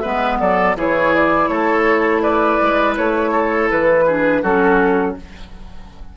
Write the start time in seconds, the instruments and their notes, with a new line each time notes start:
0.00 bassoon G#3, clarinet B3, oboe B4, flute E5
0.40 bassoon F#3, oboe A4, flute D5
0.75 bassoon E3, clarinet E4, oboe G#4, flute C#5
1.15 flute D5
1.48 bassoon A3, oboe A4, flute C#5
2.22 oboe B4, flute D5
2.62 bassoon G#3
2.97 bassoon A3, flute C#5
3.32 oboe A4
3.71 bassoon E3, flute B4
4.06 clarinet D4, oboe G#4
4.42 bassoon F#3, clarinet C#4, oboe F#4, flute A4